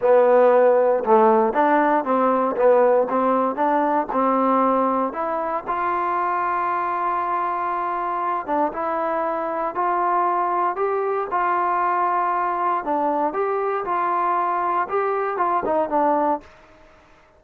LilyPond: \new Staff \with { instrumentName = "trombone" } { \time 4/4 \tempo 4 = 117 b2 a4 d'4 | c'4 b4 c'4 d'4 | c'2 e'4 f'4~ | f'1~ |
f'8 d'8 e'2 f'4~ | f'4 g'4 f'2~ | f'4 d'4 g'4 f'4~ | f'4 g'4 f'8 dis'8 d'4 | }